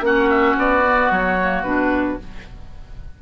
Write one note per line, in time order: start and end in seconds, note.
0.00 0.54 A#3
0.00 0.83 C#4
0.00 2.21 F#4
0.00 0.29 F#5
0.29 0.56 E5
0.56 1.10 B3
0.56 1.12 D5
0.85 1.39 B3
1.10 1.63 F#3
1.10 1.62 C#5
1.40 1.64 A#3
1.62 2.17 B2
1.62 2.18 D4
1.62 2.16 B4